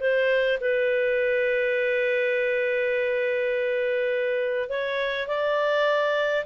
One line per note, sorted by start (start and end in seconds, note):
0.00 0.59 C5
0.60 4.69 B4
4.69 5.27 C#5
5.27 6.45 D5